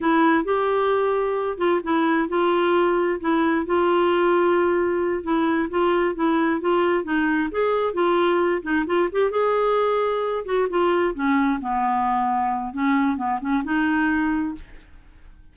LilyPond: \new Staff \with { instrumentName = "clarinet" } { \time 4/4 \tempo 4 = 132 e'4 g'2~ g'8 f'8 | e'4 f'2 e'4 | f'2.~ f'8 e'8~ | e'8 f'4 e'4 f'4 dis'8~ |
dis'8 gis'4 f'4. dis'8 f'8 | g'8 gis'2~ gis'8 fis'8 f'8~ | f'8 cis'4 b2~ b8 | cis'4 b8 cis'8 dis'2 | }